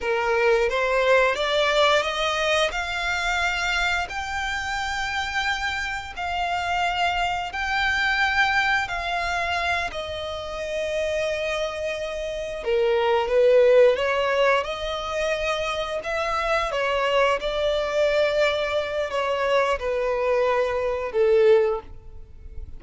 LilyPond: \new Staff \with { instrumentName = "violin" } { \time 4/4 \tempo 4 = 88 ais'4 c''4 d''4 dis''4 | f''2 g''2~ | g''4 f''2 g''4~ | g''4 f''4. dis''4.~ |
dis''2~ dis''8 ais'4 b'8~ | b'8 cis''4 dis''2 e''8~ | e''8 cis''4 d''2~ d''8 | cis''4 b'2 a'4 | }